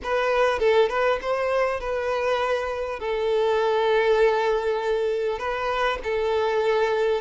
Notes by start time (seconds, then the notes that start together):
0.03 B4
0.59 A4
0.89 B4
1.21 C5
1.79 B4
2.99 A4
5.38 B4
6.03 A4